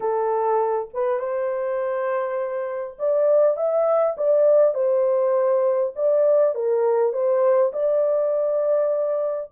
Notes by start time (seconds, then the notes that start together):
0.00 A4
0.93 B4
1.19 C5
2.98 D5
3.56 E5
4.17 D5
4.74 C5
5.95 D5
6.54 A#4
7.12 C5
7.72 D5